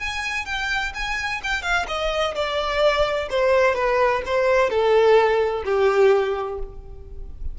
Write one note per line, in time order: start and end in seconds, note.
0.00 0.46 G#5
0.46 0.93 G5
0.95 1.41 G#5
1.44 1.63 G5
1.63 1.86 F5
1.88 2.35 D#5
2.35 3.29 D5
3.31 3.75 C5
3.75 4.22 B4
4.26 4.70 C5
4.70 5.64 A4
5.65 6.59 G4